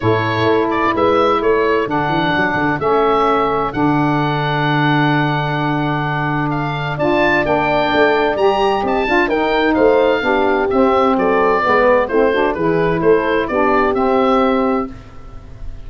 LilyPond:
<<
  \new Staff \with { instrumentName = "oboe" } { \time 4/4 \tempo 4 = 129 cis''4. d''8 e''4 cis''4 | fis''2 e''2 | fis''1~ | fis''2 f''4 a''4 |
g''2 ais''4 a''4 | g''4 f''2 e''4 | d''2 c''4 b'4 | c''4 d''4 e''2 | }
  \new Staff \with { instrumentName = "horn" } { \time 4/4 a'2 b'4 a'4~ | a'1~ | a'1~ | a'2. d''4~ |
d''2. dis''8 f''8 | ais'4 c''4 g'2 | a'4 b'4 e'8 fis'8 gis'4 | a'4 g'2. | }
  \new Staff \with { instrumentName = "saxophone" } { \time 4/4 e'1 | d'2 cis'2 | d'1~ | d'2. f'4 |
d'2 g'4. f'8 | dis'2 d'4 c'4~ | c'4 b4 c'8 d'8 e'4~ | e'4 d'4 c'2 | }
  \new Staff \with { instrumentName = "tuba" } { \time 4/4 a,4 a4 gis4 a4 | d8 e8 fis8 d8 a2 | d1~ | d2. d'4 |
ais4 a4 g4 c'8 d'8 | dis'4 a4 b4 c'4 | fis4 gis4 a4 e4 | a4 b4 c'2 | }
>>